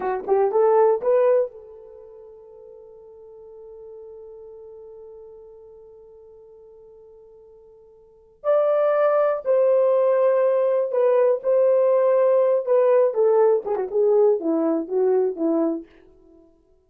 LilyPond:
\new Staff \with { instrumentName = "horn" } { \time 4/4 \tempo 4 = 121 fis'8 g'8 a'4 b'4 a'4~ | a'1~ | a'1~ | a'1~ |
a'4 d''2 c''4~ | c''2 b'4 c''4~ | c''4. b'4 a'4 gis'16 fis'16 | gis'4 e'4 fis'4 e'4 | }